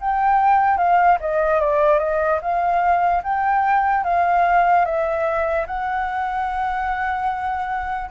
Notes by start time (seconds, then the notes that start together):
0.00 G5
0.77 F5
1.21 D#5
1.60 D5
1.99 D#5
2.41 F5
3.23 G5
4.04 F5
4.85 E5
5.67 F#5